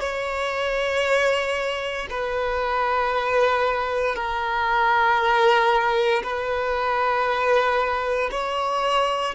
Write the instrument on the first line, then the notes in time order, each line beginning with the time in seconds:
violin
0.00 C#5
2.10 B4
4.16 A#4
6.23 B4
8.31 C#5